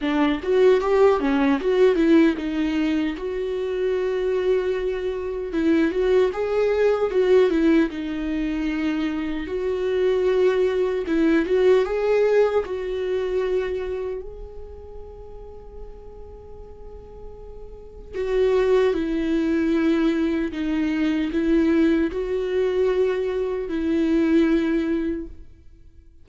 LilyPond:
\new Staff \with { instrumentName = "viola" } { \time 4/4 \tempo 4 = 76 d'8 fis'8 g'8 cis'8 fis'8 e'8 dis'4 | fis'2. e'8 fis'8 | gis'4 fis'8 e'8 dis'2 | fis'2 e'8 fis'8 gis'4 |
fis'2 gis'2~ | gis'2. fis'4 | e'2 dis'4 e'4 | fis'2 e'2 | }